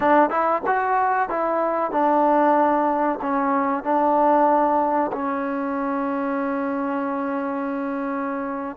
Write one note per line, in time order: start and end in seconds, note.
0.00 0.30 D4
0.30 0.62 E4
0.66 1.29 F#4
1.29 1.91 E4
1.91 3.19 D4
3.21 3.83 C#4
3.83 5.11 D4
5.12 8.76 C#4